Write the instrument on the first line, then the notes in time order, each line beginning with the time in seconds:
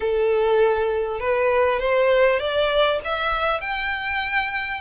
violin
0.00 A4
1.20 B4
1.79 C5
2.39 D5
3.04 E5
3.60 G5